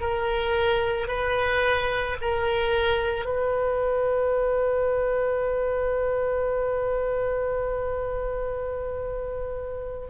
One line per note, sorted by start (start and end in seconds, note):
0.00 1.08 A#4
1.08 2.17 B4
2.21 3.25 A#4
3.25 10.07 B4